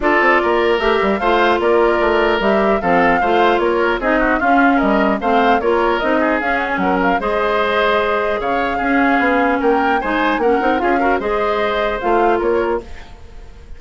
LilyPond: <<
  \new Staff \with { instrumentName = "flute" } { \time 4/4 \tempo 4 = 150 d''2 e''4 f''4 | d''2 e''4 f''4~ | f''4 cis''4 dis''4 f''4 | dis''4 f''4 cis''4 dis''4 |
f''8 fis''16 gis''16 fis''8 f''8 dis''2~ | dis''4 f''2. | g''4 gis''4 fis''4 f''4 | dis''2 f''4 cis''4 | }
  \new Staff \with { instrumentName = "oboe" } { \time 4/4 a'4 ais'2 c''4 | ais'2. a'4 | c''4 ais'4 gis'8 fis'8 f'4 | ais'4 c''4 ais'4. gis'8~ |
gis'4 ais'4 c''2~ | c''4 cis''4 gis'2 | ais'4 c''4 ais'4 gis'8 ais'8 | c''2. ais'4 | }
  \new Staff \with { instrumentName = "clarinet" } { \time 4/4 f'2 g'4 f'4~ | f'2 g'4 c'4 | f'2 dis'4 cis'4~ | cis'4 c'4 f'4 dis'4 |
cis'2 gis'2~ | gis'2 cis'2~ | cis'4 dis'4 cis'8 dis'8 f'8 fis'8 | gis'2 f'2 | }
  \new Staff \with { instrumentName = "bassoon" } { \time 4/4 d'8 c'8 ais4 a8 g8 a4 | ais4 a4 g4 f4 | a4 ais4 c'4 cis'4 | g4 a4 ais4 c'4 |
cis'4 fis4 gis2~ | gis4 cis4 cis'4 b4 | ais4 gis4 ais8 c'8 cis'4 | gis2 a4 ais4 | }
>>